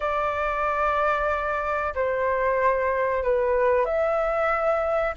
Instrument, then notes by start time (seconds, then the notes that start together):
flute
0.00 D5
1.94 C5
3.23 B4
3.85 E5